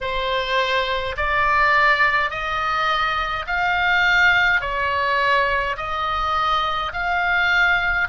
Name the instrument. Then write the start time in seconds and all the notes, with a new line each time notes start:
oboe
0.00 C5
1.16 D5
2.30 D#5
3.46 F5
4.60 C#5
5.76 D#5
6.92 F5